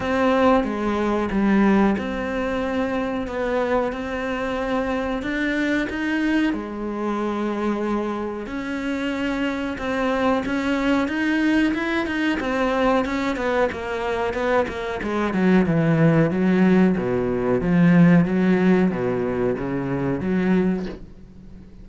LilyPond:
\new Staff \with { instrumentName = "cello" } { \time 4/4 \tempo 4 = 92 c'4 gis4 g4 c'4~ | c'4 b4 c'2 | d'4 dis'4 gis2~ | gis4 cis'2 c'4 |
cis'4 dis'4 e'8 dis'8 c'4 | cis'8 b8 ais4 b8 ais8 gis8 fis8 | e4 fis4 b,4 f4 | fis4 b,4 cis4 fis4 | }